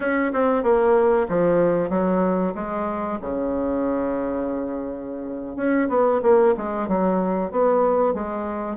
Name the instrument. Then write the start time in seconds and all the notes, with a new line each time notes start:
bassoon
0.00 C#4
0.32 C4
0.63 A#3
1.29 F3
1.89 F#3
2.54 G#3
3.21 C#3
5.56 C#4
5.88 B3
6.22 A#3
6.57 G#3
6.88 F#3
7.51 B3
8.14 G#3